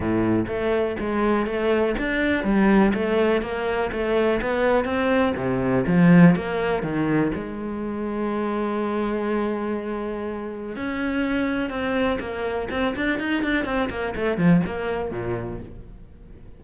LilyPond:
\new Staff \with { instrumentName = "cello" } { \time 4/4 \tempo 4 = 123 a,4 a4 gis4 a4 | d'4 g4 a4 ais4 | a4 b4 c'4 c4 | f4 ais4 dis4 gis4~ |
gis1~ | gis2 cis'2 | c'4 ais4 c'8 d'8 dis'8 d'8 | c'8 ais8 a8 f8 ais4 ais,4 | }